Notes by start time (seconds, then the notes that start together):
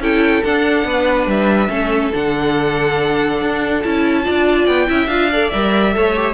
0.00 C#4 E4 A4 G5
0.44 D4 F#5
0.85 B3 B4
1.27 G3 E5
1.69 A3 C#4 A4
2.13 D3 D4 F#5
3.42 D4
3.83 C#4 E4 A5
4.24 D4 F4 D5
4.67 B3 G5
4.87 C#4 E4 E5
5.07 D4 F4 F5
5.31 A4 D5
5.50 G3 A#4 E5
5.93 A3 A4 C#5
6.16 G4